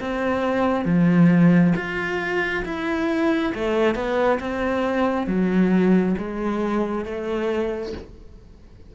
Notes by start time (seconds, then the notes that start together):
0.00 C4
0.85 F3
1.76 F4
2.66 E4
3.55 A3
3.95 B3
4.40 C4
5.27 F#3
6.18 G#3
7.05 A3